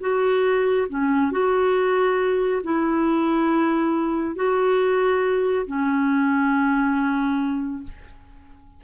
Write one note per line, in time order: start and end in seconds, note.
0.00 0.87 F#4
0.89 1.31 C#4
1.31 2.62 F#4
2.63 4.35 E4
4.35 5.66 F#4
5.66 7.83 C#4